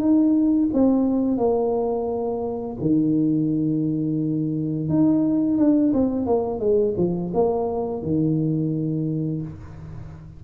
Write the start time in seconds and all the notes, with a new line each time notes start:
0.00 D#4
0.74 C4
1.38 A#3
2.81 D#3
4.90 D#4
5.58 D4
5.94 C4
6.27 A#3
6.60 G#3
6.98 F3
7.34 A#3
8.03 D#3